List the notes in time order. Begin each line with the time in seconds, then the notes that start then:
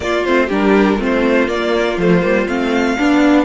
0.00 A#3 F4 D5
0.25 A3 C4 C5
0.46 G3 D4 G4
0.52 A#4
0.98 A3 C4 F4 C5
1.48 A#3 D5
1.97 F3 A3 C5
2.21 G3 A#3
2.47 A3 C4 F5
2.96 B3 D4